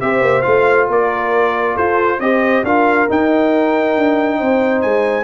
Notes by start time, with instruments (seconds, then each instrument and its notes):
0.00 tuba C4, trombone G4, horn C5, trumpet E5
0.20 tuba A#3
0.41 tuba A3, trombone F4, trumpet F5
0.87 tuba A#3, horn A#4, trumpet D5
1.74 tuba F4, horn A4, trumpet C5
2.19 tuba C4, trombone G4, horn C5, trumpet D#5
2.63 tuba D4, trombone F4, horn A#4, trumpet F5
3.09 trombone D#4, tuba D#4, trumpet G5
3.97 tuba D4
4.38 tuba C4, horn C5
4.81 tuba G#3, trumpet G#5